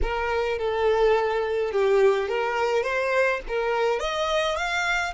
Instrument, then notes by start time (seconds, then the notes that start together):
violin
0.02 A#4
0.58 A4
1.71 G4
2.28 A#4
2.83 C5
3.48 A#4
3.99 D#5
4.56 F5